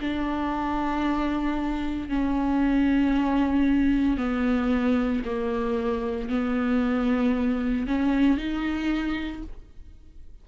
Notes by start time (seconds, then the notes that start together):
0.00 D4
2.09 C#4
4.17 B3
5.24 A#3
6.29 B3
7.87 C#4
8.37 D#4